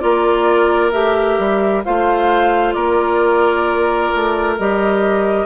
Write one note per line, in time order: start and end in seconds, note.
0.00 0.93 A#3
0.00 0.91 F4
0.00 1.85 A#4
0.00 0.91 D5
0.92 1.39 A3
0.92 1.84 G4
0.92 1.83 E5
1.39 1.84 G3
1.85 2.75 A3
1.85 4.57 F4
1.85 2.75 C5
1.85 2.73 F5
2.73 4.12 A#3
2.73 5.46 A#4
2.73 4.55 D5
4.15 4.59 A3
4.59 5.46 G3
4.59 5.46 G4
4.59 5.46 D#5